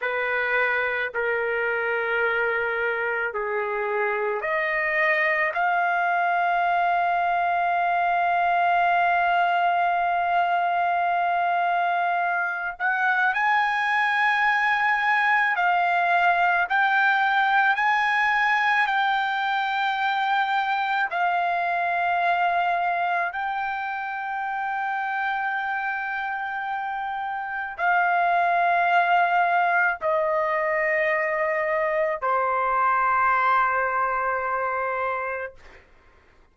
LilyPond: \new Staff \with { instrumentName = "trumpet" } { \time 4/4 \tempo 4 = 54 b'4 ais'2 gis'4 | dis''4 f''2.~ | f''2.~ f''8 fis''8 | gis''2 f''4 g''4 |
gis''4 g''2 f''4~ | f''4 g''2.~ | g''4 f''2 dis''4~ | dis''4 c''2. | }